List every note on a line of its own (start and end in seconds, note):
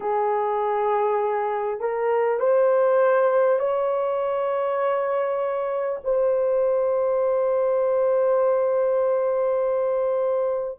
0.00 1.79 G#4
1.79 2.39 A#4
2.39 3.59 C5
3.59 5.99 C#5
6.03 10.79 C5